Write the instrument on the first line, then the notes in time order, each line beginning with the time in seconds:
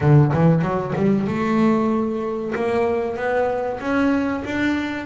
double bass
0.00 D3
0.33 E3
0.62 F#3
0.95 G3
1.27 A3
2.55 A#3
3.16 B3
3.80 C#4
4.44 D4